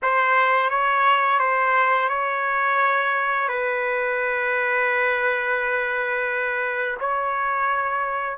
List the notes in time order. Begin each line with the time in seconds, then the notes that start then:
0.02 C5
0.70 C#5
1.39 C5
2.09 C#5
3.48 B4
7.00 C#5